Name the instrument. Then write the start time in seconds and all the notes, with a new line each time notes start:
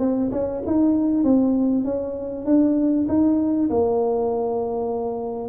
tuba
0.00 C4
0.32 C#4
0.67 D#4
1.24 C4
1.85 C#4
2.46 D4
3.09 D#4
3.70 A#3